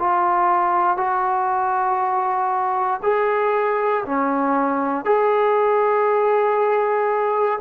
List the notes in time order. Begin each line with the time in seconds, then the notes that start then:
0.00 F4
0.98 F#4
3.03 G#4
4.06 C#4
5.05 G#4